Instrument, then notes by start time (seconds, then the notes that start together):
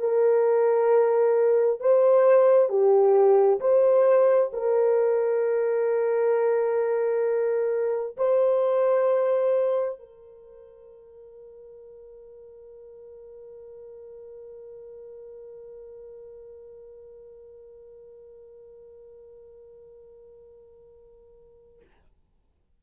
horn
0.00 A#4
1.81 C5
2.69 G4
3.60 C5
4.53 A#4
8.17 C5
9.99 A#4